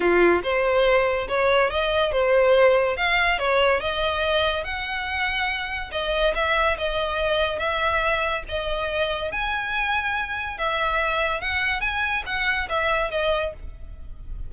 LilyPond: \new Staff \with { instrumentName = "violin" } { \time 4/4 \tempo 4 = 142 f'4 c''2 cis''4 | dis''4 c''2 f''4 | cis''4 dis''2 fis''4~ | fis''2 dis''4 e''4 |
dis''2 e''2 | dis''2 gis''2~ | gis''4 e''2 fis''4 | gis''4 fis''4 e''4 dis''4 | }